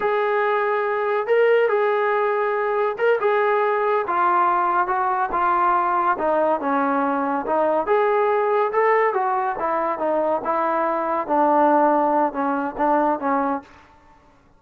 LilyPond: \new Staff \with { instrumentName = "trombone" } { \time 4/4 \tempo 4 = 141 gis'2. ais'4 | gis'2. ais'8 gis'8~ | gis'4. f'2 fis'8~ | fis'8 f'2 dis'4 cis'8~ |
cis'4. dis'4 gis'4.~ | gis'8 a'4 fis'4 e'4 dis'8~ | dis'8 e'2 d'4.~ | d'4 cis'4 d'4 cis'4 | }